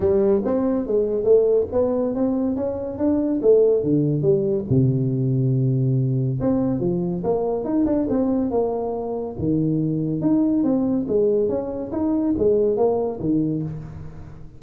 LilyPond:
\new Staff \with { instrumentName = "tuba" } { \time 4/4 \tempo 4 = 141 g4 c'4 gis4 a4 | b4 c'4 cis'4 d'4 | a4 d4 g4 c4~ | c2. c'4 |
f4 ais4 dis'8 d'8 c'4 | ais2 dis2 | dis'4 c'4 gis4 cis'4 | dis'4 gis4 ais4 dis4 | }